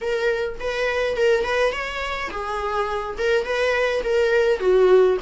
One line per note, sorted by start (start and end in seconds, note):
0.01 0.58 A#4
0.60 1.16 B4
1.16 1.44 A#4
1.44 1.72 B4
1.72 2.30 C#5
2.31 3.17 G#4
3.17 3.44 A#4
3.44 4.02 B4
4.03 4.59 A#4
4.59 5.17 F#4